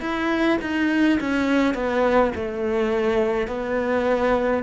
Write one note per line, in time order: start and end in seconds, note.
0.00 0.58 E4
0.61 1.19 D#4
1.20 1.74 C#4
1.74 2.32 B3
2.35 3.47 A3
3.47 4.63 B3